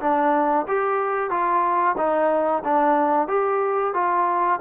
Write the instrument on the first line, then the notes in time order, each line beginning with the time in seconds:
trombone
0.00 D4
0.68 G4
1.30 F4
1.97 D#4
2.64 D4
3.27 G4
3.94 F4